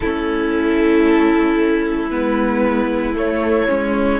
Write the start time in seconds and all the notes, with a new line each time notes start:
0.00 A3 C#4 E4 A4
2.10 G#3 B3 B4
3.14 A3 C#5
3.68 G#3 C#4